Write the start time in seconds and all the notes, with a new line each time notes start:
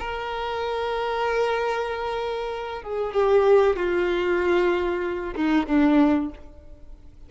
0.00 A#4
2.83 G#4
3.14 G4
3.77 F4
5.36 D#4
5.67 D4